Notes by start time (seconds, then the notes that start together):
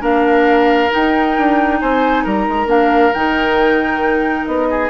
0.00 A#3 D4 A#4 F5
0.90 D#4 G5
1.37 D4
1.80 C4 C5 G#5
2.24 G3 A#4 A#5
2.48 G#3
2.66 A#3 D4 F5
3.13 D#3 D#4 G5
4.45 B3 D#5
4.70 G#4